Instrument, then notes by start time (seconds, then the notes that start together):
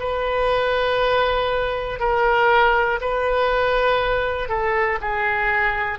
oboe
0.00 B4
2.00 A#4
3.01 B4
4.49 A4
5.01 G#4